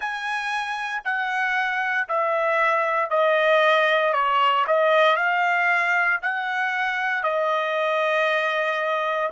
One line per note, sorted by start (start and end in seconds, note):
0.00 1.02 G#5
1.04 2.07 F#5
2.08 3.09 E5
3.09 4.13 D#5
4.13 4.65 C#5
4.67 5.16 D#5
5.16 6.20 F5
6.22 7.23 F#5
7.23 9.30 D#5